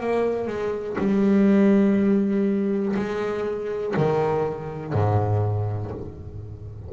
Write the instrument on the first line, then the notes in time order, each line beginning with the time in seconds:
double bass
0.00 A#3
0.47 G#3
0.98 G3
2.96 G#3
3.97 D#3
4.93 G#2